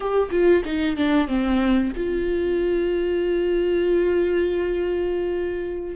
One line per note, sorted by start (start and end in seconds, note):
0.00 0.29 G4
0.30 0.63 F4
0.64 0.96 D#4
0.96 1.27 D4
1.27 1.92 C4
1.96 5.96 F4